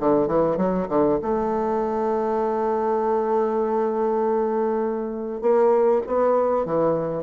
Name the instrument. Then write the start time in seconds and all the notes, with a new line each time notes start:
bassoon
0.00 D3
0.28 E3
0.57 F#3
0.89 D3
1.23 A3
5.41 A#3
6.07 B3
6.66 E3